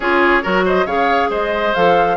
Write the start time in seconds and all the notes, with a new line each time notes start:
0.00 C#4 F4 G#4 C#5
0.42 F#3 F#4 A#4
0.65 C5 D#5
0.86 C#3 G#4 C#5 F5
1.30 G#3 C5 D#5
1.74 F3 A4 F5